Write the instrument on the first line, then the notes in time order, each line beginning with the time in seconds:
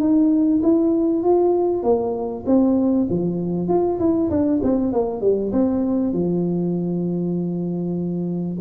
tuba
0.00 D#4
0.63 E4
1.23 F4
1.83 A#3
2.46 C4
3.10 F3
3.68 F4
3.99 E4
4.30 D4
4.63 C4
4.93 A#3
5.21 G3
5.52 C4
6.13 F3